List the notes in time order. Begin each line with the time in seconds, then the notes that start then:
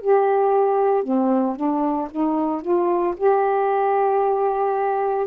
0.00 G4
1.03 C4
1.56 D4
2.10 D#4
2.61 F4
3.17 G4